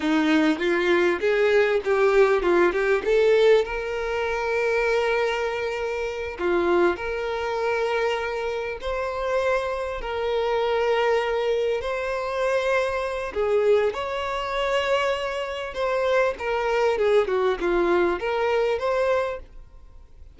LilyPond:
\new Staff \with { instrumentName = "violin" } { \time 4/4 \tempo 4 = 99 dis'4 f'4 gis'4 g'4 | f'8 g'8 a'4 ais'2~ | ais'2~ ais'8 f'4 ais'8~ | ais'2~ ais'8 c''4.~ |
c''8 ais'2. c''8~ | c''2 gis'4 cis''4~ | cis''2 c''4 ais'4 | gis'8 fis'8 f'4 ais'4 c''4 | }